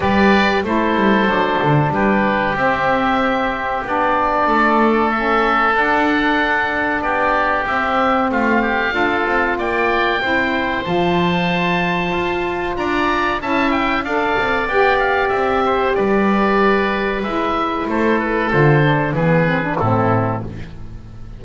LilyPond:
<<
  \new Staff \with { instrumentName = "oboe" } { \time 4/4 \tempo 4 = 94 d''4 c''2 b'4 | e''2 d''2 | e''4 fis''2 d''4 | e''4 f''2 g''4~ |
g''4 a''2. | ais''4 a''8 g''8 f''4 g''8 f''8 | e''4 d''2 e''4 | c''8 b'8 c''4 b'4 a'4 | }
  \new Staff \with { instrumentName = "oboe" } { \time 4/4 b'4 a'2 g'4~ | g'2. a'4~ | a'2. g'4~ | g'4 f'8 g'8 a'4 d''4 |
c''1 | d''4 e''4 d''2~ | d''8 c''8 b'2. | a'2 gis'4 e'4 | }
  \new Staff \with { instrumentName = "saxophone" } { \time 4/4 g'4 e'4 d'2 | c'2 d'2 | cis'4 d'2. | c'2 f'2 |
e'4 f'2.~ | f'4 e'4 a'4 g'4~ | g'2. e'4~ | e'4 f'8 d'8 b8 c'16 d'16 c'4 | }
  \new Staff \with { instrumentName = "double bass" } { \time 4/4 g4 a8 g8 fis8 d8 g4 | c'2 b4 a4~ | a4 d'2 b4 | c'4 a4 d'8 c'8 ais4 |
c'4 f2 f'4 | d'4 cis'4 d'8 c'8 b4 | c'4 g2 gis4 | a4 d4 e4 a,4 | }
>>